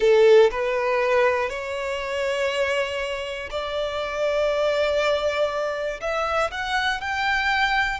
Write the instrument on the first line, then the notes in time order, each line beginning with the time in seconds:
violin
0.00 A4
0.50 B4
1.49 C#5
3.50 D5
6.00 E5
6.51 F#5
7.00 G5